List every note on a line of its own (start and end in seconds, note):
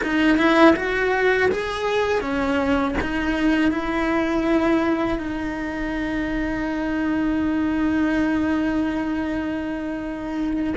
0.03 0.37 D#4
0.37 0.74 E4
0.75 1.49 F#4
1.51 2.21 G#4
2.21 2.95 C#4
3.00 3.71 D#4
3.71 5.18 E4
5.18 10.73 D#4